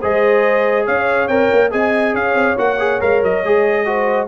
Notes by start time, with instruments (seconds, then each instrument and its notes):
0.00 tuba G#3, trombone G#4, horn C5, trumpet D#5
0.86 tuba C#4, horn C#5, trumpet F5
1.28 tuba C4, trombone A#4, trumpet G5
1.53 tuba A#3
1.71 tuba C4, trombone G#4, horn D#5, trumpet G#5
2.14 tuba C#4, horn C#5, trumpet F5
2.34 tuba C4
2.58 tuba A#3, trombone F#4, trumpet F#5
2.79 trombone G#4
3.00 tuba G#3, trombone A#4, trumpet F5
3.23 tuba F#3, trumpet D#5
3.44 tuba G#3, trombone G#4
3.86 trombone F#4, horn C5